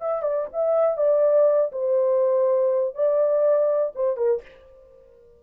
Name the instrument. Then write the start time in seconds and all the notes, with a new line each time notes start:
horn
0.00 E5
0.22 D5
0.52 E5
0.97 D5
1.72 C5
2.95 D5
3.95 C5
4.17 A#4